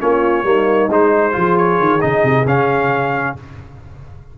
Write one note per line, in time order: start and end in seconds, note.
0.00 0.44 A#3
0.00 0.44 C#4
0.00 0.47 F4
0.00 0.91 C#5
0.44 0.89 G3
0.44 0.89 A#3
0.44 1.37 D#4
0.90 1.35 G#3
0.90 1.32 D#4
0.90 1.58 C5
1.32 1.80 F3
1.32 2.00 F4
1.32 3.38 G#4
1.58 2.02 C#5
1.80 2.02 D#3
2.01 2.24 C#3
2.01 2.46 D#4
2.01 2.46 D#5
2.24 2.46 C3
2.46 3.35 C#3
2.46 3.37 C#4
2.46 3.37 F5